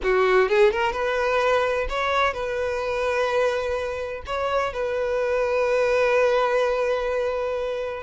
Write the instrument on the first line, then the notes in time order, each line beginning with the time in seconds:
violin
0.02 F#4
0.49 G#4
0.71 A#4
0.92 B4
1.89 C#5
2.33 B4
4.26 C#5
4.73 B4